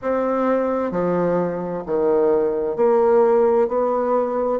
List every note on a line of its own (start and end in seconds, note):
0.02 0.91 C4
0.91 1.83 F3
1.85 2.76 D#3
2.76 3.68 A#3
3.68 4.59 B3